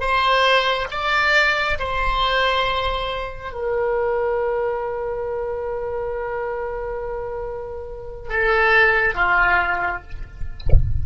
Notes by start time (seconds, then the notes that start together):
0.00 C5
0.91 D5
1.79 C5
3.52 A#4
8.29 A4
9.15 F4